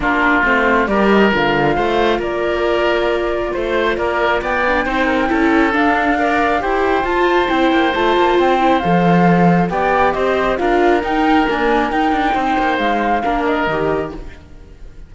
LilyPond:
<<
  \new Staff \with { instrumentName = "flute" } { \time 4/4 \tempo 4 = 136 ais'4 c''4 d''8 dis''8 f''4~ | f''4 d''2. | c''4 d''4 g''2~ | g''4 f''2 g''4 |
a''4 g''4 a''4 g''4 | f''2 g''4 dis''4 | f''4 g''4 gis''4 g''4~ | g''4 f''4. dis''4. | }
  \new Staff \with { instrumentName = "oboe" } { \time 4/4 f'2 ais'2 | c''4 ais'2. | c''4 ais'4 d''4 c''8 ais'8 | a'2 d''4 c''4~ |
c''1~ | c''2 d''4 c''4 | ais'1 | c''2 ais'2 | }
  \new Staff \with { instrumentName = "viola" } { \time 4/4 d'4 c'4 g'4 f'4~ | f'1~ | f'2~ f'8 d'8 dis'4 | e'4 d'4 ais'4 g'4 |
f'4 e'4 f'4. e'8 | a'2 g'2 | f'4 dis'4 ais4 dis'4~ | dis'2 d'4 g'4 | }
  \new Staff \with { instrumentName = "cello" } { \time 4/4 ais4 a4 g4 d4 | a4 ais2. | a4 ais4 b4 c'4 | cis'4 d'2 e'4 |
f'4 c'8 ais8 a8 ais8 c'4 | f2 b4 c'4 | d'4 dis'4 d'4 dis'8 d'8 | c'8 ais8 gis4 ais4 dis4 | }
>>